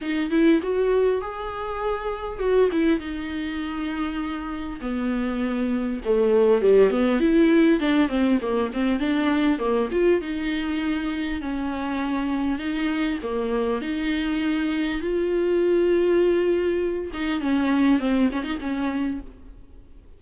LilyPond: \new Staff \with { instrumentName = "viola" } { \time 4/4 \tempo 4 = 100 dis'8 e'8 fis'4 gis'2 | fis'8 e'8 dis'2. | b2 a4 g8 b8 | e'4 d'8 c'8 ais8 c'8 d'4 |
ais8 f'8 dis'2 cis'4~ | cis'4 dis'4 ais4 dis'4~ | dis'4 f'2.~ | f'8 dis'8 cis'4 c'8 cis'16 dis'16 cis'4 | }